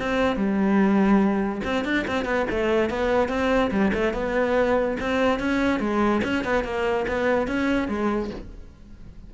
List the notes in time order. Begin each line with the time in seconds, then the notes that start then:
0.00 C4
0.37 G3
1.65 C4
1.85 D4
2.08 C4
2.25 B3
2.51 A3
2.90 B3
3.29 C4
3.71 G3
3.95 A3
4.14 B3
5.00 C4
5.40 C#4
5.80 G#3
6.24 C#4
6.45 B3
6.65 A#3
7.08 B3
7.48 C#4
7.89 G#3